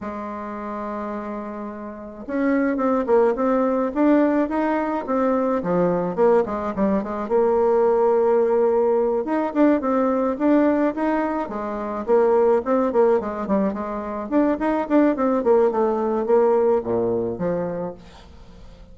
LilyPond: \new Staff \with { instrumentName = "bassoon" } { \time 4/4 \tempo 4 = 107 gis1 | cis'4 c'8 ais8 c'4 d'4 | dis'4 c'4 f4 ais8 gis8 | g8 gis8 ais2.~ |
ais8 dis'8 d'8 c'4 d'4 dis'8~ | dis'8 gis4 ais4 c'8 ais8 gis8 | g8 gis4 d'8 dis'8 d'8 c'8 ais8 | a4 ais4 ais,4 f4 | }